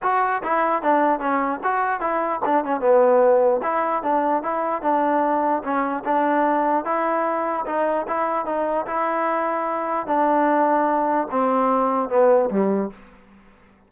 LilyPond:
\new Staff \with { instrumentName = "trombone" } { \time 4/4 \tempo 4 = 149 fis'4 e'4 d'4 cis'4 | fis'4 e'4 d'8 cis'8 b4~ | b4 e'4 d'4 e'4 | d'2 cis'4 d'4~ |
d'4 e'2 dis'4 | e'4 dis'4 e'2~ | e'4 d'2. | c'2 b4 g4 | }